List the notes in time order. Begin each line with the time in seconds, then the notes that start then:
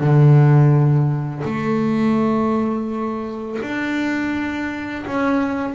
0.00 D3
1.45 A3
3.63 D4
5.07 C#4